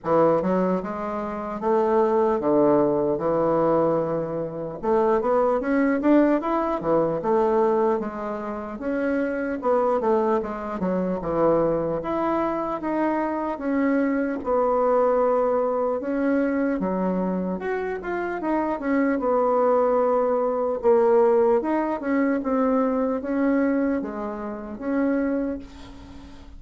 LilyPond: \new Staff \with { instrumentName = "bassoon" } { \time 4/4 \tempo 4 = 75 e8 fis8 gis4 a4 d4 | e2 a8 b8 cis'8 d'8 | e'8 e8 a4 gis4 cis'4 | b8 a8 gis8 fis8 e4 e'4 |
dis'4 cis'4 b2 | cis'4 fis4 fis'8 f'8 dis'8 cis'8 | b2 ais4 dis'8 cis'8 | c'4 cis'4 gis4 cis'4 | }